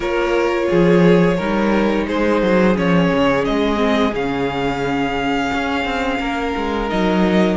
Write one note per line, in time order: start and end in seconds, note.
0.00 0.68 A#3
0.00 1.36 F4
0.00 0.66 A#4
0.00 2.07 C#5
0.69 1.39 F3
0.69 1.37 G#4
1.37 2.07 G3
1.37 2.75 D#4
1.37 2.06 A#4
2.07 2.42 G#3
2.07 6.20 G#4
2.07 2.76 C5
2.42 2.76 F#3
2.75 3.11 F3
2.75 3.76 C#4
2.75 3.45 C#5
3.12 3.47 C#3
3.45 4.12 G#3
3.45 4.14 D#5
3.76 4.10 C4
4.12 5.50 C#3
4.12 6.89 C#4
4.12 6.89 F5
5.53 5.84 C#4
5.84 6.19 C4
6.19 6.54 A#3
6.19 7.56 A#4
6.56 6.91 G#3
6.89 7.56 F#3
6.89 7.56 D#4
6.89 7.56 D#5